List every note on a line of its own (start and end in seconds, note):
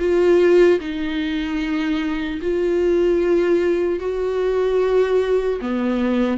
0.00 0.80 F4
0.80 2.40 D#4
2.42 4.00 F4
4.00 5.60 F#4
5.62 6.38 B3